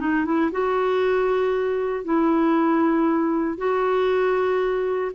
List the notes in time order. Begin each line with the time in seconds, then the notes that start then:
0.00 D#4
0.26 E4
0.52 F#4
2.05 E4
3.58 F#4